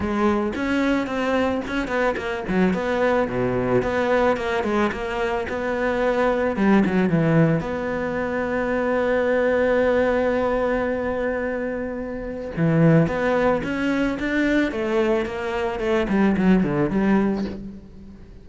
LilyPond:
\new Staff \with { instrumentName = "cello" } { \time 4/4 \tempo 4 = 110 gis4 cis'4 c'4 cis'8 b8 | ais8 fis8 b4 b,4 b4 | ais8 gis8 ais4 b2 | g8 fis8 e4 b2~ |
b1~ | b2. e4 | b4 cis'4 d'4 a4 | ais4 a8 g8 fis8 d8 g4 | }